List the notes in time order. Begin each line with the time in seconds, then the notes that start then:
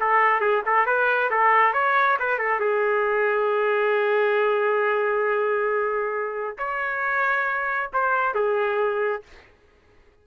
0.00 A4
0.41 G#4
0.66 A4
0.86 B4
1.30 A4
1.73 C#5
2.19 B4
2.38 A4
2.60 G#4
6.58 C#5
7.93 C5
8.34 G#4